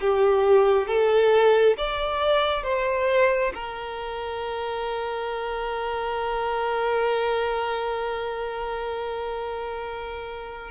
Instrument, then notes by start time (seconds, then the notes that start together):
violin
0.00 G4
0.87 A4
1.77 D5
2.63 C5
3.54 A#4